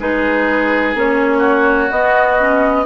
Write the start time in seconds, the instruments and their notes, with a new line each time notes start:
0.00 bassoon G#3, clarinet D#4, oboe G#4, flute B4
0.95 bassoon A#3, clarinet C#4, flute C#5
1.38 oboe F#4
1.90 bassoon B3, clarinet B3, flute D#5
2.39 clarinet C#4